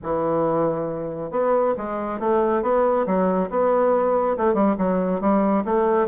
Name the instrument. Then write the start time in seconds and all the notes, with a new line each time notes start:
bassoon
0.03 E3
1.30 B3
1.77 G#3
2.19 A3
2.62 B3
3.06 F#3
3.50 B3
4.37 A3
4.54 G3
4.78 F#3
5.20 G3
5.64 A3